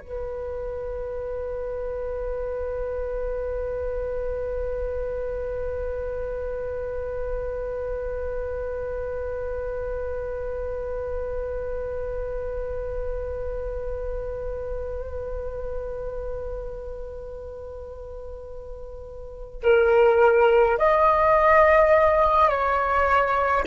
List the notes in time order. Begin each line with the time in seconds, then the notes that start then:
0.00 B4
19.63 A#4
20.78 D#5
22.49 C#5